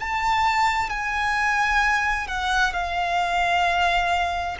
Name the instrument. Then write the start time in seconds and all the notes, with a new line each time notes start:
violin
0.00 A5
0.90 G#5
2.27 F#5
2.73 F5